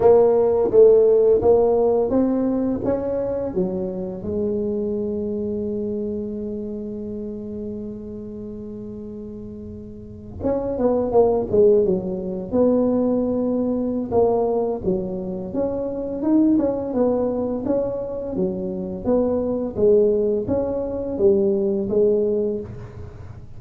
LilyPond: \new Staff \with { instrumentName = "tuba" } { \time 4/4 \tempo 4 = 85 ais4 a4 ais4 c'4 | cis'4 fis4 gis2~ | gis1~ | gis2~ gis8. cis'8 b8 ais16~ |
ais16 gis8 fis4 b2~ b16 | ais4 fis4 cis'4 dis'8 cis'8 | b4 cis'4 fis4 b4 | gis4 cis'4 g4 gis4 | }